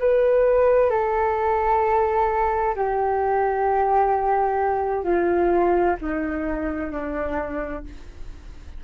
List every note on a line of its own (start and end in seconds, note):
0.00 0.91 B4
0.91 2.75 A4
2.76 5.04 G4
5.04 5.96 F4
6.01 6.91 D#4
6.91 7.84 D4